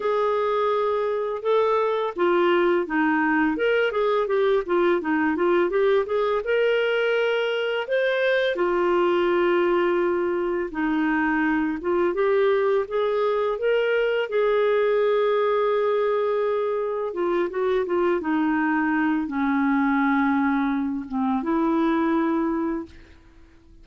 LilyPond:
\new Staff \with { instrumentName = "clarinet" } { \time 4/4 \tempo 4 = 84 gis'2 a'4 f'4 | dis'4 ais'8 gis'8 g'8 f'8 dis'8 f'8 | g'8 gis'8 ais'2 c''4 | f'2. dis'4~ |
dis'8 f'8 g'4 gis'4 ais'4 | gis'1 | f'8 fis'8 f'8 dis'4. cis'4~ | cis'4. c'8 e'2 | }